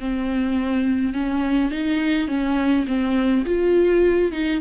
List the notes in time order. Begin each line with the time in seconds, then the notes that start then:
0.00 C4
1.14 C#4
1.71 D#4
2.28 C#4
2.87 C4
3.46 F4
4.32 D#4